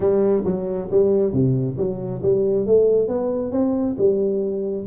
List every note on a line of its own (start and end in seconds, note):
0.00 0.43 G3
0.45 0.89 F#3
0.90 1.32 G3
1.32 1.76 C3
1.77 2.21 F#3
2.22 2.66 G3
2.66 3.07 A3
3.07 3.51 B3
3.51 3.95 C4
3.97 4.86 G3